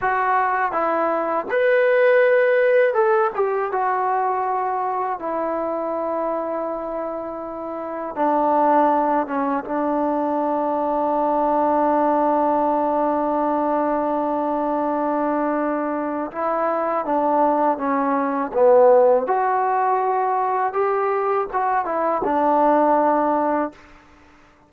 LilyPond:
\new Staff \with { instrumentName = "trombone" } { \time 4/4 \tempo 4 = 81 fis'4 e'4 b'2 | a'8 g'8 fis'2 e'4~ | e'2. d'4~ | d'8 cis'8 d'2.~ |
d'1~ | d'2 e'4 d'4 | cis'4 b4 fis'2 | g'4 fis'8 e'8 d'2 | }